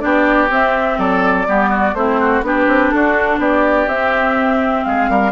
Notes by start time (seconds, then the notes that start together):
0.00 B3 D4 G4 D5
0.50 C4 E5
0.98 F#3 A4 D5
1.47 G3 B3 G4
1.70 F#4
1.94 A3 C4 E4 C5
2.21 F#4
2.42 B3 D4 G4 B4
2.68 C4
2.91 D4 F#4 A4
3.39 B3 G4 D5
3.87 C4 E5
4.84 G#3 G#4 F5
5.10 G3 A#4